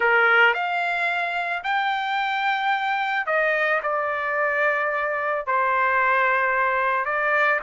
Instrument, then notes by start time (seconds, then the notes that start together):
trumpet
0.00 A#4
0.54 F5
1.63 G5
3.26 D#5
3.82 D5
5.46 C5
7.05 D5